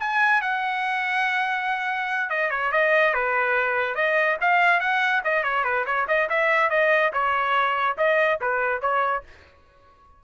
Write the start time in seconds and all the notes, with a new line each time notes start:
0.00 G#5
0.41 F#5
2.30 D#5
2.51 C#5
2.72 D#5
3.14 B4
3.95 D#5
4.41 F5
4.80 F#5
5.24 D#5
5.43 C#5
5.64 B4
5.86 C#5
6.08 D#5
6.30 E5
6.70 D#5
7.13 C#5
7.97 D#5
8.41 B4
8.81 C#5